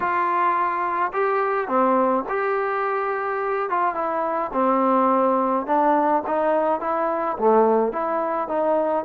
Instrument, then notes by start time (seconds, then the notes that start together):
trombone
0.00 F4
1.12 G4
1.67 C4
2.28 G4
3.69 F4
3.94 E4
4.53 C4
5.66 D4
6.27 D#4
6.80 E4
7.37 A3
7.92 E4
8.48 D#4